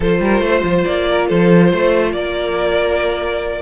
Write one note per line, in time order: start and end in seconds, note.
0.00 0.20 F3
0.00 3.61 F4
0.00 0.21 A4
0.00 0.84 C5
0.20 0.40 G3
0.20 0.44 A#4
0.40 0.62 A3
0.40 1.08 C5
0.63 0.84 F3
0.84 1.30 A#3
0.84 1.27 D5
1.10 1.28 A#4
1.28 1.73 F3
1.28 1.70 A4
1.28 2.12 C5
1.70 2.13 A3
1.70 2.13 C5
2.12 3.61 A#3
2.12 3.61 A#4
2.12 3.61 D5